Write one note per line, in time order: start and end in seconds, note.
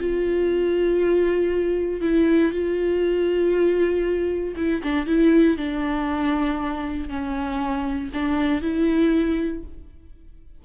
0.00 2.02 F4
2.02 2.52 E4
2.52 4.56 F4
4.57 4.82 E4
4.84 5.07 D4
5.07 5.58 E4
5.58 7.09 D4
7.09 8.11 C#4
8.14 8.62 D4
8.62 9.64 E4